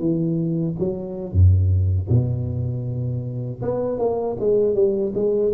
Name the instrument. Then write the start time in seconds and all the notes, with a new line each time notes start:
tuba
0.00 E3
0.79 F#3
1.33 F#2
2.10 B2
3.62 B3
3.99 A#3
4.40 G#3
4.75 G3
5.15 G#3